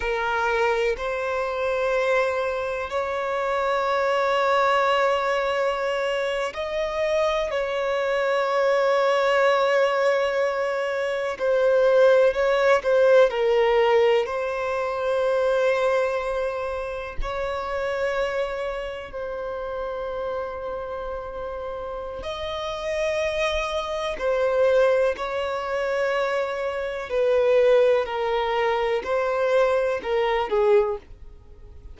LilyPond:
\new Staff \with { instrumentName = "violin" } { \time 4/4 \tempo 4 = 62 ais'4 c''2 cis''4~ | cis''2~ cis''8. dis''4 cis''16~ | cis''2.~ cis''8. c''16~ | c''8. cis''8 c''8 ais'4 c''4~ c''16~ |
c''4.~ c''16 cis''2 c''16~ | c''2. dis''4~ | dis''4 c''4 cis''2 | b'4 ais'4 c''4 ais'8 gis'8 | }